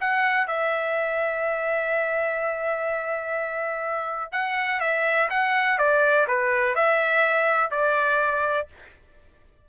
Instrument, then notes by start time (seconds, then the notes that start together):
trumpet
0.00 F#5
0.47 E5
4.32 F#5
4.80 E5
5.30 F#5
5.78 D5
6.27 B4
6.75 E5
7.71 D5